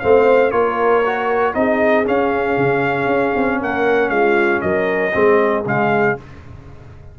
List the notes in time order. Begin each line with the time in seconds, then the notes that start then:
0.00 A3 C4 C5 F5
0.51 A#3 F4 A#4 C#5
1.06 F#4
1.54 C4 D#4 G#4 D#5
2.04 C#4 F5
2.57 C#3
3.07 C#4
3.36 C4
3.61 A#3 A#4 F#5
4.10 G#3 F4 F5
4.62 F#3 A#4 D#5
5.13 G#3 C4 G#4
5.66 C#3 G#3 F5